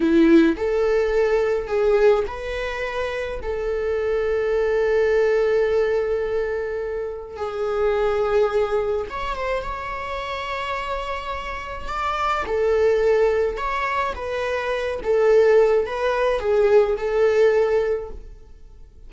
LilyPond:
\new Staff \with { instrumentName = "viola" } { \time 4/4 \tempo 4 = 106 e'4 a'2 gis'4 | b'2 a'2~ | a'1~ | a'4 gis'2. |
cis''8 c''8 cis''2.~ | cis''4 d''4 a'2 | cis''4 b'4. a'4. | b'4 gis'4 a'2 | }